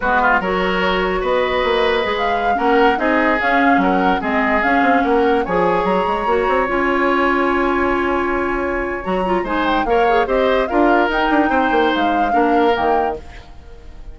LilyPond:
<<
  \new Staff \with { instrumentName = "flute" } { \time 4/4 \tempo 4 = 146 b'4 cis''2 dis''4~ | dis''4~ dis''16 f''4 fis''4 dis''8.~ | dis''16 f''4 fis''4 dis''4 f''8.~ | f''16 fis''4 gis''4 ais''4.~ ais''16~ |
ais''16 gis''2.~ gis''8.~ | gis''2 ais''4 gis''8 g''8 | f''4 dis''4 f''4 g''4~ | g''4 f''2 g''4 | }
  \new Staff \with { instrumentName = "oboe" } { \time 4/4 fis'8 f'8 ais'2 b'4~ | b'2~ b'16 ais'4 gis'8.~ | gis'4~ gis'16 ais'4 gis'4.~ gis'16~ | gis'16 ais'4 cis''2~ cis''8.~ |
cis''1~ | cis''2. c''4 | cis''4 c''4 ais'2 | c''2 ais'2 | }
  \new Staff \with { instrumentName = "clarinet" } { \time 4/4 b4 fis'2.~ | fis'4 gis'4~ gis'16 cis'4 dis'8.~ | dis'16 cis'2 c'4 cis'8.~ | cis'4~ cis'16 gis'2 fis'8.~ |
fis'16 f'2.~ f'8.~ | f'2 fis'8 f'8 dis'4 | ais'8 gis'8 g'4 f'4 dis'4~ | dis'2 d'4 ais4 | }
  \new Staff \with { instrumentName = "bassoon" } { \time 4/4 gis4 fis2 b4 | ais4 gis4~ gis16 ais4 c'8.~ | c'16 cis'4 fis4 gis4 cis'8 c'16~ | c'16 ais4 f4 fis8 gis8 ais8 c'16~ |
c'16 cis'2.~ cis'8.~ | cis'2 fis4 gis4 | ais4 c'4 d'4 dis'8 d'8 | c'8 ais8 gis4 ais4 dis4 | }
>>